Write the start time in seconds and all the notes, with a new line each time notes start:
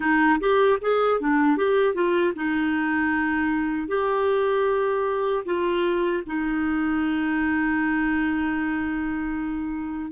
0.00 D#4
0.39 G4
0.81 G#4
1.20 D4
1.57 G4
1.94 F4
2.35 D#4
3.87 G4
5.45 F4
6.26 D#4